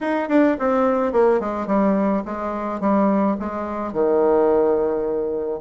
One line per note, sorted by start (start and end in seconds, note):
0.00 0.28 D#4
0.28 0.56 D4
0.59 1.12 C4
1.12 1.39 A#3
1.39 1.67 G#3
1.67 2.23 G3
2.25 2.80 G#3
2.80 3.36 G3
3.39 3.93 G#3
3.93 5.60 D#3